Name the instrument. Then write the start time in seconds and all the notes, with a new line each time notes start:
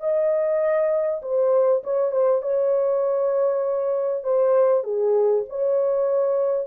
horn
0.00 D#5
1.22 C5
1.84 C#5
2.12 C5
2.42 C#5
4.24 C5
4.83 G#4
5.49 C#5